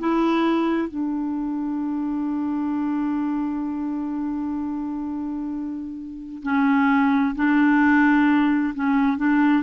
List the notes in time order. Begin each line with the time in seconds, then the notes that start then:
0.00 E4
0.89 D4
6.43 C#4
7.36 D4
8.75 C#4
9.18 D4